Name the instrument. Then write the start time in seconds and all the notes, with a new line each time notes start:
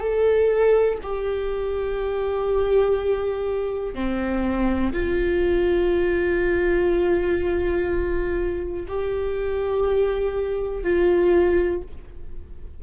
viola
0.00 A4
1.02 G4
3.94 C4
4.93 F4
8.88 G4
10.83 F4